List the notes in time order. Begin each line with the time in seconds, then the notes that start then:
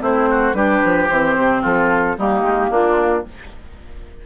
0.00 A3 C4 E4 C5
0.30 F#4
0.53 G3 D4 G4 B4
0.84 F3
1.09 E3 C4 C5
1.37 C3
1.61 F3 F4 A4
2.17 G3 A#3 D#4 G4
2.42 G#3
2.70 A#3 D4 F4